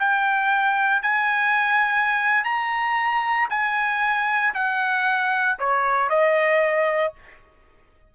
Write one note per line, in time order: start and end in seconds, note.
0.00 1.03 G5
1.03 2.45 G#5
2.45 3.49 A#5
3.50 4.55 G#5
4.55 5.59 F#5
5.59 6.10 C#5
6.10 7.14 D#5